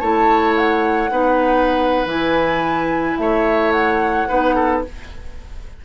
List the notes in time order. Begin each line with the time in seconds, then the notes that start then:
0.00 A3 E4 C#5 A5
0.57 F#5
1.11 B3 D#4 B4
2.05 E3 E4 G#5
3.18 A3 C#5 E5
3.72 F#5
4.28 B3 D#4 B4
4.55 A4